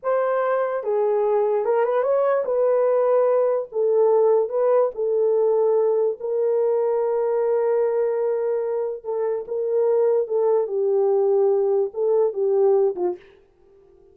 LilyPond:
\new Staff \with { instrumentName = "horn" } { \time 4/4 \tempo 4 = 146 c''2 gis'2 | ais'8 b'8 cis''4 b'2~ | b'4 a'2 b'4 | a'2. ais'4~ |
ais'1~ | ais'2 a'4 ais'4~ | ais'4 a'4 g'2~ | g'4 a'4 g'4. f'8 | }